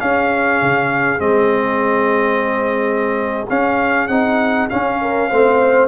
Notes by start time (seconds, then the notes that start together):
0.00 C#4 G#4 F5
0.62 C#3
1.19 G#3 C4 D#5
3.50 C#4 F5
4.08 C4 D#4 F#5
4.70 C#4 F5
5.02 A#4
5.30 A3 C4 C5